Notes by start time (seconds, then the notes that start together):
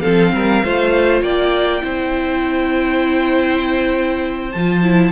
0.00 F3 C4 A4 F5
0.33 G3 A#4
0.64 A3 F4 C5
1.22 A#3 D5 G5
1.81 C4 E4 C5
4.51 F3 F4 A5
4.83 E4